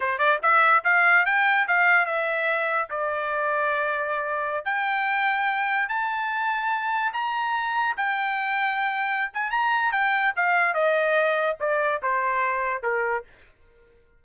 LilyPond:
\new Staff \with { instrumentName = "trumpet" } { \time 4/4 \tempo 4 = 145 c''8 d''8 e''4 f''4 g''4 | f''4 e''2 d''4~ | d''2.~ d''16 g''8.~ | g''2~ g''16 a''4.~ a''16~ |
a''4~ a''16 ais''2 g''8.~ | g''2~ g''8 gis''8 ais''4 | g''4 f''4 dis''2 | d''4 c''2 ais'4 | }